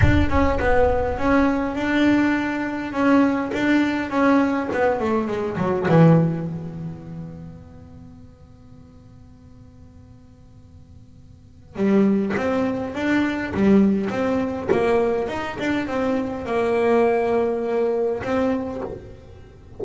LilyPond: \new Staff \with { instrumentName = "double bass" } { \time 4/4 \tempo 4 = 102 d'8 cis'8 b4 cis'4 d'4~ | d'4 cis'4 d'4 cis'4 | b8 a8 gis8 fis8 e4 b4~ | b1~ |
b1 | g4 c'4 d'4 g4 | c'4 ais4 dis'8 d'8 c'4 | ais2. c'4 | }